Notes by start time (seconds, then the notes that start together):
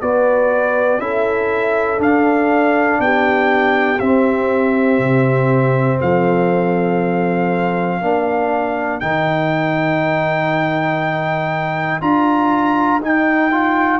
0.00 B3 F#4 B4 D5
0.98 C#4 E4 A4 E5
1.97 D4 F5
2.99 B3 G4 G5
3.99 C4 E5
4.98 C3
6.00 F3 A4 F5
8.01 A#3 D4 A#4
9.00 D#3 D#4 G5
12.00 D4 F4 A#5
13.01 D#4 G5
13.51 F4